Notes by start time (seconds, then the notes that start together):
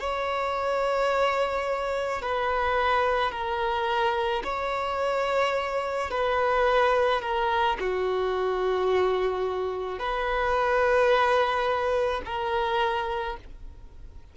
0.00 C#5
2.22 B4
3.32 A#4
4.44 C#5
6.11 B4
7.22 A#4
7.80 F#4
9.99 B4
12.26 A#4